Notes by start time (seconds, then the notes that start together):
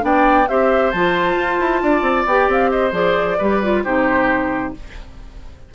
0.00 B3 D4 D5 G5
0.48 C4 G4 C5 E5
0.91 F3 F4 A5
1.35 F4
1.59 E4
1.82 D4 D5
2.01 C4
2.26 B3 G4 G5
2.48 C4 F5
2.70 C5 D#5
2.91 F3 G#4 D5
3.37 G3 G4 B4
3.62 F4
3.84 C3 D#4 G4 C5